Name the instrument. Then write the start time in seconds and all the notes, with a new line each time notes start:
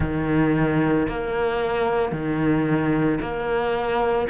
cello
0.00 D#3
1.08 A#3
2.12 D#3
3.20 A#3